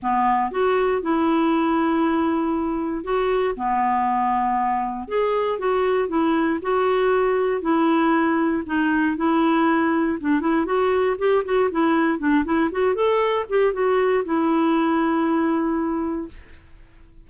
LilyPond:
\new Staff \with { instrumentName = "clarinet" } { \time 4/4 \tempo 4 = 118 b4 fis'4 e'2~ | e'2 fis'4 b4~ | b2 gis'4 fis'4 | e'4 fis'2 e'4~ |
e'4 dis'4 e'2 | d'8 e'8 fis'4 g'8 fis'8 e'4 | d'8 e'8 fis'8 a'4 g'8 fis'4 | e'1 | }